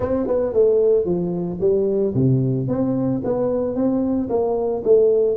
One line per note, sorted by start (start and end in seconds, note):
0.00 0.26 C4
0.26 0.53 B3
0.53 1.05 A3
1.05 1.58 F3
1.60 2.14 G3
2.14 2.68 C3
2.68 3.21 C4
3.24 3.75 B3
3.75 4.28 C4
4.29 4.82 A#3
4.84 5.36 A3